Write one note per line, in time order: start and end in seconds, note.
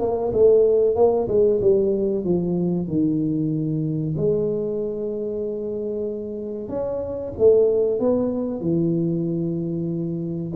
0.00 0.32 A#3
0.33 0.96 A3
0.96 1.28 A#3
1.28 1.60 G#3
1.62 2.25 G3
2.25 2.88 F3
2.88 4.15 D#3
4.18 6.69 G#3
6.69 7.33 C#4
7.38 8.00 A3
8.00 8.61 B3
8.61 10.53 E3